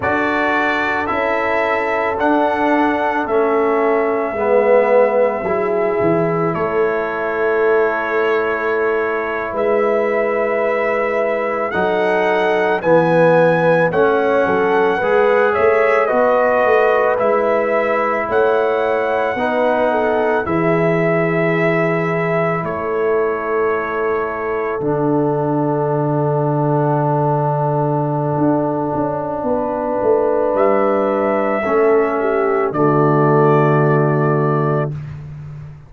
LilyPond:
<<
  \new Staff \with { instrumentName = "trumpet" } { \time 4/4 \tempo 4 = 55 d''4 e''4 fis''4 e''4~ | e''2 cis''2~ | cis''8. e''2 fis''4 gis''16~ | gis''8. fis''4. e''8 dis''4 e''16~ |
e''8. fis''2 e''4~ e''16~ | e''8. cis''2 fis''4~ fis''16~ | fis''1 | e''2 d''2 | }
  \new Staff \with { instrumentName = "horn" } { \time 4/4 a'1 | b'4 gis'4 a'2~ | a'8. b'2 a'4 b'16~ | b'8. cis''8 a'8 b'8 cis''8 b'4~ b'16~ |
b'8. cis''4 b'8 a'8 gis'4~ gis'16~ | gis'8. a'2.~ a'16~ | a'2. b'4~ | b'4 a'8 g'8 fis'2 | }
  \new Staff \with { instrumentName = "trombone" } { \time 4/4 fis'4 e'4 d'4 cis'4 | b4 e'2.~ | e'2~ e'8. dis'4 b16~ | b8. cis'4 gis'4 fis'4 e'16~ |
e'4.~ e'16 dis'4 e'4~ e'16~ | e'2~ e'8. d'4~ d'16~ | d'1~ | d'4 cis'4 a2 | }
  \new Staff \with { instrumentName = "tuba" } { \time 4/4 d'4 cis'4 d'4 a4 | gis4 fis8 e8 a2~ | a8. gis2 fis4 e16~ | e8. a8 fis8 gis8 a8 b8 a8 gis16~ |
gis8. a4 b4 e4~ e16~ | e8. a2 d4~ d16~ | d2 d'8 cis'8 b8 a8 | g4 a4 d2 | }
>>